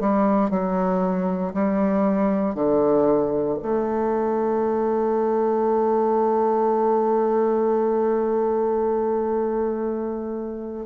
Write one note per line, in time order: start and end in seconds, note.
0.00 0.50 G3
0.50 1.53 F#3
1.53 2.54 G3
2.54 3.58 D3
3.62 10.86 A3